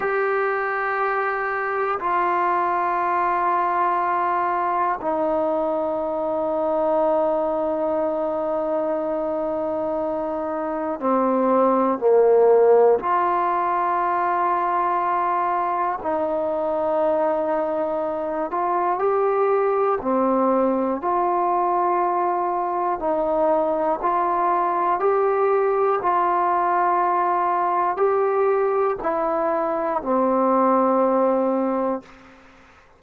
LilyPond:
\new Staff \with { instrumentName = "trombone" } { \time 4/4 \tempo 4 = 60 g'2 f'2~ | f'4 dis'2.~ | dis'2. c'4 | ais4 f'2. |
dis'2~ dis'8 f'8 g'4 | c'4 f'2 dis'4 | f'4 g'4 f'2 | g'4 e'4 c'2 | }